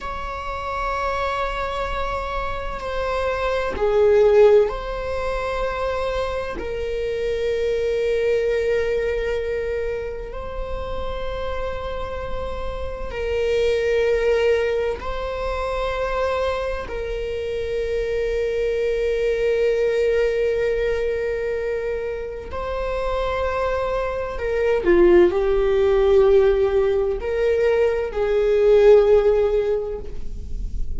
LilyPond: \new Staff \with { instrumentName = "viola" } { \time 4/4 \tempo 4 = 64 cis''2. c''4 | gis'4 c''2 ais'4~ | ais'2. c''4~ | c''2 ais'2 |
c''2 ais'2~ | ais'1 | c''2 ais'8 f'8 g'4~ | g'4 ais'4 gis'2 | }